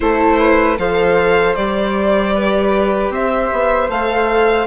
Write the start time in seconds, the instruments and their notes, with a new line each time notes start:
0.00 bassoon A3, viola E4, flute A4, violin C5
0.38 flute B4
0.77 bassoon F3, viola A4, flute C5, violin F5
1.55 bassoon G3, viola G4, violin D5
2.35 flute B4
3.09 bassoon C4, flute C5, violin E5
3.52 bassoon B3
3.88 bassoon A3, viola A4, violin F5